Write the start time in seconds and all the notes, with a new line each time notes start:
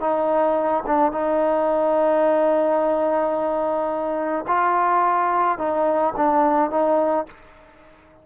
0.00 D#4
0.86 D4
1.12 D#4
4.47 F4
5.58 D#4
6.16 D4
6.70 D#4